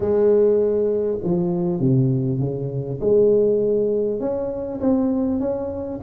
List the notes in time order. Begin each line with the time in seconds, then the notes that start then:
0.00 G#3
1.23 F3
1.79 C3
2.39 C#3
3.00 G#3
4.19 C#4
4.80 C4
5.39 C#4